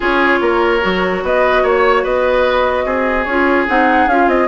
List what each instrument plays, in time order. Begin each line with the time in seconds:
0.00 bassoon C#4, clarinet F4, oboe G#4, flute C#5
0.40 bassoon A#3, oboe A#4
0.81 bassoon F#3, clarinet F#4
1.23 bassoon B3, oboe B4, flute D#5
1.63 bassoon A#3, oboe C#5, flute C#5
2.03 bassoon B3, oboe B4, flute D#5
2.85 bassoon C4, oboe G#4
3.24 bassoon C#4, clarinet F4, flute C#5
3.67 bassoon C4, clarinet D#4, flute F#5
4.06 bassoon C#4, clarinet F4, flute F5
4.27 bassoon C4, flute D#5